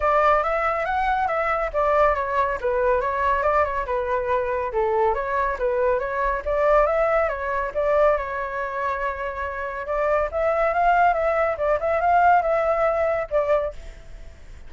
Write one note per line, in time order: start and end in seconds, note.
0.00 0.43 D5
0.43 0.85 E5
0.85 1.27 F#5
1.27 1.70 E5
1.73 2.15 D5
2.15 2.58 C#5
2.60 3.00 B4
3.00 3.42 C#5
3.42 3.64 D5
3.64 3.85 C#5
3.86 4.71 B4
4.72 5.14 A4
5.14 5.57 C#5
5.59 5.99 B4
5.99 6.42 C#5
6.45 6.86 D5
6.86 7.28 E5
7.28 7.71 C#5
7.74 8.17 D5
8.17 9.86 C#5
9.86 10.29 D5
10.31 10.73 E5
10.73 11.13 F5
11.13 11.56 E5
11.57 11.79 D5
11.80 12.00 E5
12.00 12.42 F5
12.42 13.27 E5
13.30 13.73 D5